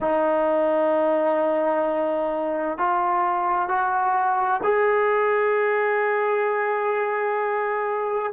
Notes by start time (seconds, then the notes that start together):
0.00 D#4
2.78 F4
3.68 F#4
4.63 G#4